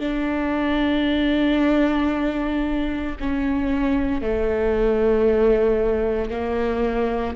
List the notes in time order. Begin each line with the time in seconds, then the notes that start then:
0.00 D4
3.20 C#4
4.22 A3
6.31 A#3